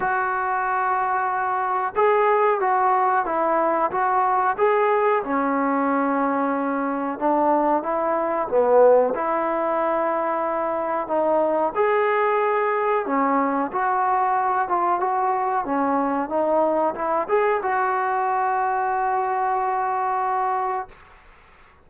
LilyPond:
\new Staff \with { instrumentName = "trombone" } { \time 4/4 \tempo 4 = 92 fis'2. gis'4 | fis'4 e'4 fis'4 gis'4 | cis'2. d'4 | e'4 b4 e'2~ |
e'4 dis'4 gis'2 | cis'4 fis'4. f'8 fis'4 | cis'4 dis'4 e'8 gis'8 fis'4~ | fis'1 | }